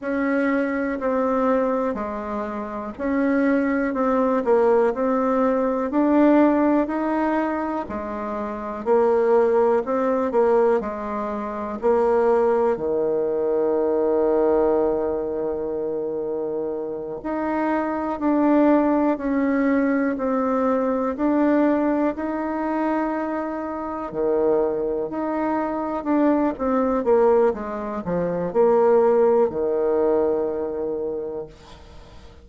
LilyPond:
\new Staff \with { instrumentName = "bassoon" } { \time 4/4 \tempo 4 = 61 cis'4 c'4 gis4 cis'4 | c'8 ais8 c'4 d'4 dis'4 | gis4 ais4 c'8 ais8 gis4 | ais4 dis2.~ |
dis4. dis'4 d'4 cis'8~ | cis'8 c'4 d'4 dis'4.~ | dis'8 dis4 dis'4 d'8 c'8 ais8 | gis8 f8 ais4 dis2 | }